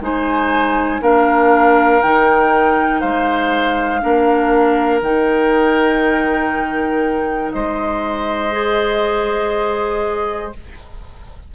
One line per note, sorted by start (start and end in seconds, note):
0.00 1.00 G#3
0.00 1.01 D#4
0.00 1.01 C5
0.00 1.02 G#5
1.01 2.01 A#3
1.01 2.01 D4
1.01 3.00 A#4
1.01 2.02 F5
2.02 3.02 D#3
2.02 4.01 D#4
2.02 3.00 G5
3.00 4.02 G#3
3.00 4.00 C5
3.00 5.00 F5
4.01 5.01 A#3
4.01 5.01 D4
4.01 7.52 A#4
5.01 7.51 D#3
5.01 8.52 D#4
5.01 7.52 G5
7.52 10.54 G#3
7.52 10.54 C5
7.52 10.52 D#5
8.52 10.52 G#4